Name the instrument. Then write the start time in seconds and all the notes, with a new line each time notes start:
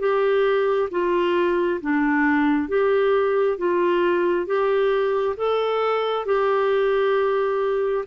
clarinet
0.00 G4
0.91 F4
1.82 D4
2.69 G4
3.58 F4
4.47 G4
5.37 A4
6.26 G4